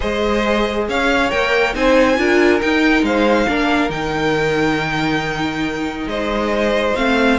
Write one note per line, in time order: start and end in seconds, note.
0.00 0.88 G#3
0.00 1.30 G#4
0.00 0.87 C5
0.00 0.88 D#5
0.88 1.31 C#4
0.88 1.75 C#5
0.88 1.30 F5
1.30 1.74 A#3
1.30 1.73 A#4
1.30 1.74 G5
1.73 2.17 C4
1.73 2.17 D#4
1.73 2.18 C5
1.73 2.60 G#5
2.17 2.61 D4
2.17 2.60 F4
2.17 3.05 A#4
2.60 3.47 D#4
2.60 3.02 D#4
2.60 3.04 G5
3.02 3.46 G#3
3.02 3.48 C5
3.02 3.90 F5
3.47 3.89 A#3
3.47 3.90 D4
3.47 6.09 A#4
3.89 6.06 D#3
3.89 6.94 D#4
3.89 6.07 G5
6.06 6.93 G#3
6.06 7.38 C5
6.06 6.95 D#5
6.95 7.38 A3
6.95 7.38 C4
6.95 7.38 F5